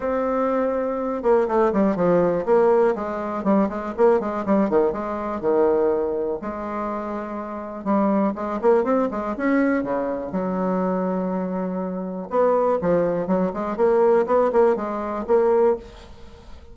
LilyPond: \new Staff \with { instrumentName = "bassoon" } { \time 4/4 \tempo 4 = 122 c'2~ c'8 ais8 a8 g8 | f4 ais4 gis4 g8 gis8 | ais8 gis8 g8 dis8 gis4 dis4~ | dis4 gis2. |
g4 gis8 ais8 c'8 gis8 cis'4 | cis4 fis2.~ | fis4 b4 f4 fis8 gis8 | ais4 b8 ais8 gis4 ais4 | }